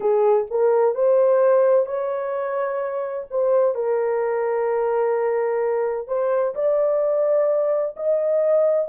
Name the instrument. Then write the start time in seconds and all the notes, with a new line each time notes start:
horn
0.00 G#4
0.50 A#4
0.94 C5
1.86 C#5
3.30 C5
3.75 A#4
6.07 C5
6.55 D5
7.96 D#5